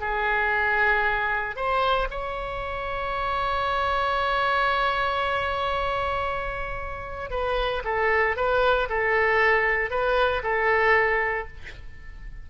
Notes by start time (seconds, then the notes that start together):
0.00 G#4
1.56 C5
2.10 C#5
7.30 B4
7.84 A4
8.36 B4
8.89 A4
9.90 B4
10.43 A4